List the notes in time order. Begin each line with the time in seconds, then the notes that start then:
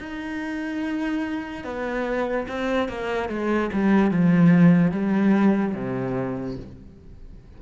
0.00 D#4
1.65 B3
2.48 C4
2.89 A#3
3.29 G#3
3.73 G3
4.11 F3
4.92 G3
5.75 C3